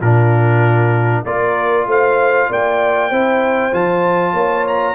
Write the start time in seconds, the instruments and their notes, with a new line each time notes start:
0.00 tuba A#2, trombone D4, horn F4, trumpet A#4
1.25 tuba A#3, trombone F4, horn A#4, trumpet D5
1.86 tuba A3, horn C5, trumpet F5
2.49 tuba A#3, horn D5, trumpet G5
3.10 tuba C4, trombone E4, horn C5
3.72 tuba F3, trombone F4, trumpet A5
4.33 tuba A#3, horn C#5
4.68 trumpet A#5